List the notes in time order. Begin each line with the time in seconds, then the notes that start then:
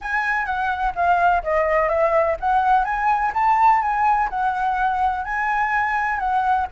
0.01 G#5
0.45 F#5
0.95 F5
1.43 D#5
1.88 E5
2.40 F#5
2.84 G#5
3.34 A5
3.81 G#5
4.29 F#5
5.24 G#5
6.19 F#5